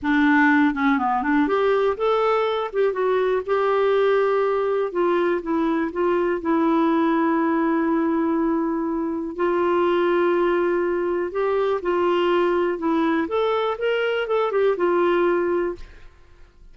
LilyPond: \new Staff \with { instrumentName = "clarinet" } { \time 4/4 \tempo 4 = 122 d'4. cis'8 b8 d'8 g'4 | a'4. g'8 fis'4 g'4~ | g'2 f'4 e'4 | f'4 e'2.~ |
e'2. f'4~ | f'2. g'4 | f'2 e'4 a'4 | ais'4 a'8 g'8 f'2 | }